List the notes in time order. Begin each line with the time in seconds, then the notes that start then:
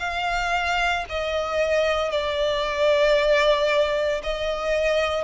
0.00 F5
1.10 D#5
2.11 D5
4.23 D#5